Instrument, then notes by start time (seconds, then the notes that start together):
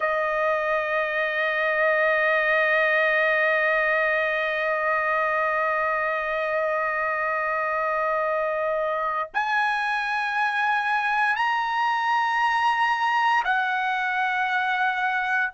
trumpet
0.00 D#5
9.33 G#5
11.36 A#5
13.44 F#5